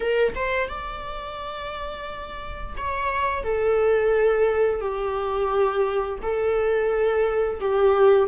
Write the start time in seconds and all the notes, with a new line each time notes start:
0.00 A#4
0.35 C5
0.68 D5
2.77 C#5
3.43 A4
4.80 G4
6.22 A4
7.60 G4